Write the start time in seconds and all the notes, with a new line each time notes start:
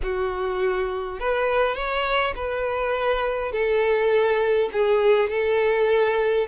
0.02 F#4
1.19 B4
1.75 C#5
2.35 B4
3.52 A4
4.72 G#4
5.29 A4